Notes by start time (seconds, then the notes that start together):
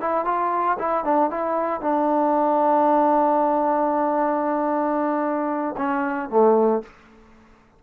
0.00 E4
0.24 F4
0.78 E4
1.04 D4
1.30 E4
1.81 D4
5.77 C#4
6.29 A3